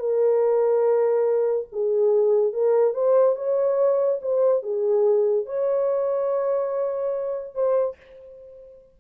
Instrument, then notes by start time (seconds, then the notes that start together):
horn
0.00 A#4
1.73 G#4
2.53 A#4
2.94 C5
3.36 C#5
4.22 C5
4.63 G#4
5.46 C#5
7.55 C5